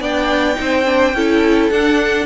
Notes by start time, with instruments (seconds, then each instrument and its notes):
0.00 cello B3, viola D4, violin D5 G5
0.55 cello C4, viola D#4, violin C5
0.86 viola D4
1.14 cello C#4, viola E4, violin A4
1.71 cello D4, viola D4, violin F#5